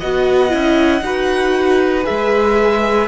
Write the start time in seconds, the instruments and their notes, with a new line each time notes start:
0.00 cello B3, viola F#4, violin D#5 F#5
0.49 cello C#4, viola E4
1.01 cello D#4, viola F#4, violin B4
2.04 viola G#4, violin E5
2.10 cello G#3